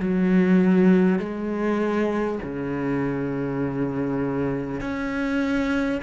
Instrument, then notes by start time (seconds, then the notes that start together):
cello
0.00 F#3
1.19 G#3
2.43 C#3
4.81 C#4